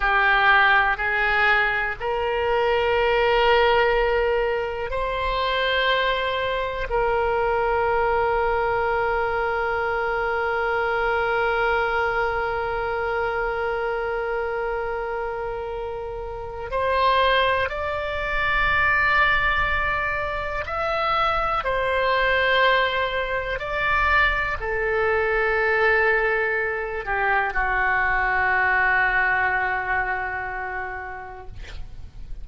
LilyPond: \new Staff \with { instrumentName = "oboe" } { \time 4/4 \tempo 4 = 61 g'4 gis'4 ais'2~ | ais'4 c''2 ais'4~ | ais'1~ | ais'1~ |
ais'4 c''4 d''2~ | d''4 e''4 c''2 | d''4 a'2~ a'8 g'8 | fis'1 | }